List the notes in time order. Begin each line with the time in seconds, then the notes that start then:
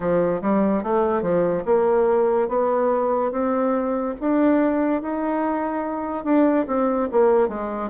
0.00 F3
0.41 G3
0.83 A3
1.22 F3
1.65 A#3
2.48 B3
3.31 C4
4.20 D4
5.02 D#4
6.24 D4
6.67 C4
7.11 A#3
7.48 G#3